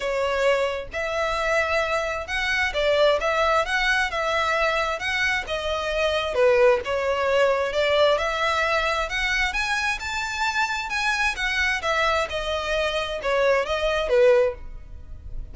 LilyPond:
\new Staff \with { instrumentName = "violin" } { \time 4/4 \tempo 4 = 132 cis''2 e''2~ | e''4 fis''4 d''4 e''4 | fis''4 e''2 fis''4 | dis''2 b'4 cis''4~ |
cis''4 d''4 e''2 | fis''4 gis''4 a''2 | gis''4 fis''4 e''4 dis''4~ | dis''4 cis''4 dis''4 b'4 | }